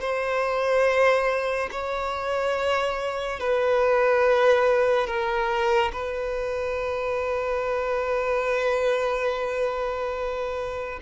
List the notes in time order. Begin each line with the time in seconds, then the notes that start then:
0.00 C5
1.71 C#5
3.40 B4
5.07 A#4
5.92 B4